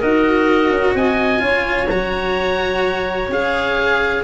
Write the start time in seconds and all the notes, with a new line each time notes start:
0.00 D#4 F#4 A#4 D#5
0.70 C#4
0.95 C4 D#5 G#5
1.39 C#4 F4 C#5
1.90 F#3 F#4 A#5
3.29 C#4 G#4 F5